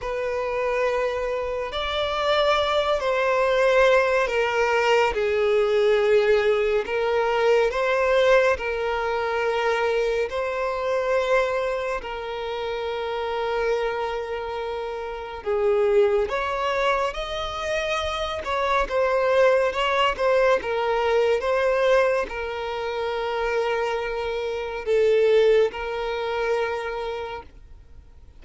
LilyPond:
\new Staff \with { instrumentName = "violin" } { \time 4/4 \tempo 4 = 70 b'2 d''4. c''8~ | c''4 ais'4 gis'2 | ais'4 c''4 ais'2 | c''2 ais'2~ |
ais'2 gis'4 cis''4 | dis''4. cis''8 c''4 cis''8 c''8 | ais'4 c''4 ais'2~ | ais'4 a'4 ais'2 | }